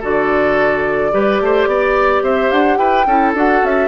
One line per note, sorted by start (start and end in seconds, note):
0.00 1.13 D3
0.00 1.11 F#4
0.00 1.11 A4
0.00 2.24 D5
1.11 1.41 G3
1.11 3.05 G4
1.11 1.41 B4
1.41 1.67 A3
1.41 1.69 C5
1.67 2.22 B3
1.67 2.23 D5
2.22 2.50 C4
2.22 2.78 C5
2.22 2.51 E5
2.51 2.77 D4
2.51 2.77 F#5
2.77 3.05 E4
2.77 3.06 B4
2.77 3.33 G5
3.06 3.34 C#4
3.06 3.35 E4
3.06 3.88 A4
3.34 3.62 D4
3.34 3.88 F#4
3.34 3.65 F#5
3.63 3.88 C#4
3.63 3.88 E5